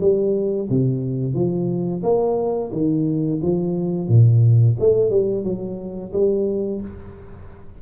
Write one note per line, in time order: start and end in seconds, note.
0.00 0.68 G3
0.69 1.34 C3
1.34 2.02 F3
2.03 2.71 A#3
2.72 3.40 D#3
3.42 4.08 F3
4.08 4.76 A#2
4.79 5.10 A3
5.10 5.44 G3
5.44 6.12 F#3
6.13 6.81 G3